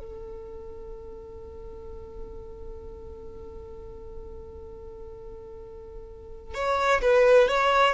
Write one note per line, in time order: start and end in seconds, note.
0.00 6.55 A4
6.55 7.02 C#5
7.02 7.49 B4
7.49 7.95 C#5